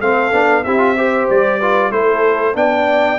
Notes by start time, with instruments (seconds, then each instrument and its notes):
0.00 tuba A3, trombone C4, horn A4, trumpet F5
0.32 tuba B3, trombone D4
0.64 tuba C4, trombone E4, horn G4, trumpet E5
0.78 trombone F4
0.97 trombone G4, horn C5
1.30 tuba G3, trumpet D5
1.59 trombone F4, horn B4
1.91 tuba A3, trombone E4, horn A4, trumpet C5
2.54 tuba B3, trombone D4, horn D5, trumpet G5